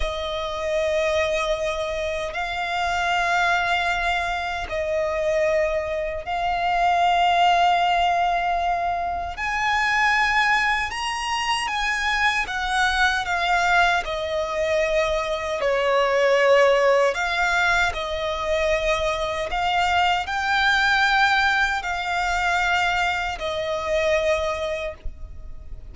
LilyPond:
\new Staff \with { instrumentName = "violin" } { \time 4/4 \tempo 4 = 77 dis''2. f''4~ | f''2 dis''2 | f''1 | gis''2 ais''4 gis''4 |
fis''4 f''4 dis''2 | cis''2 f''4 dis''4~ | dis''4 f''4 g''2 | f''2 dis''2 | }